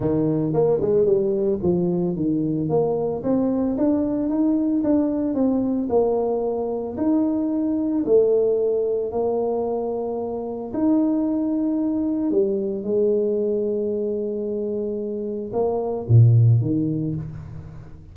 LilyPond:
\new Staff \with { instrumentName = "tuba" } { \time 4/4 \tempo 4 = 112 dis4 ais8 gis8 g4 f4 | dis4 ais4 c'4 d'4 | dis'4 d'4 c'4 ais4~ | ais4 dis'2 a4~ |
a4 ais2. | dis'2. g4 | gis1~ | gis4 ais4 ais,4 dis4 | }